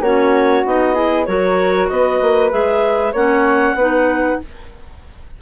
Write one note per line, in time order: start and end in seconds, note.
0.00 0.62 A#3
0.00 0.65 C#4
0.00 0.94 F#4
0.00 0.65 C#5
0.65 1.27 B3
0.65 0.94 D#4
0.65 1.25 D#5
0.94 1.25 E4
0.94 1.26 G#4
1.25 1.90 F#3
1.25 2.50 F#4
1.25 1.90 A#4
1.25 1.88 C#5
1.88 2.21 B3
1.88 3.12 B4
1.88 2.51 D#5
2.21 2.52 A#3
2.50 3.13 G#3
2.50 3.13 G#4
2.50 3.14 E5
3.12 3.74 A#3
3.12 3.78 C#4
3.12 3.75 C#5
3.12 4.41 F#5
3.74 4.36 B3
3.74 4.41 D#4
3.74 4.39 B4